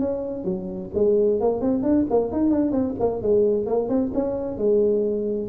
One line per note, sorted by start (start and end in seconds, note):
0.00 0.45 C#4
0.45 0.90 F#3
0.95 1.41 G#3
1.41 1.61 A#3
1.61 1.83 C4
1.83 2.06 D4
2.10 2.32 A#3
2.32 2.51 D#4
2.51 2.72 D4
2.72 2.95 C4
3.00 3.22 A#3
3.22 3.66 G#3
3.66 3.89 A#3
3.89 4.12 C4
4.14 4.58 C#4
4.58 5.49 G#3